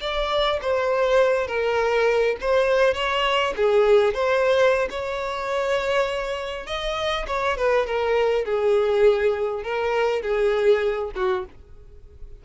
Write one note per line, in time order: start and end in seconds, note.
0.00 0.59 D5
0.61 1.47 C5
1.47 2.36 A#4
2.40 2.94 C5
2.94 3.53 C#5
3.56 4.14 G#4
4.14 4.88 C5
4.90 6.66 C#5
6.66 7.26 D#5
7.27 7.57 C#5
7.57 7.86 B4
7.86 8.44 A#4
8.44 9.63 G#4
9.63 10.22 A#4
10.22 11.11 G#4
11.15 11.45 F#4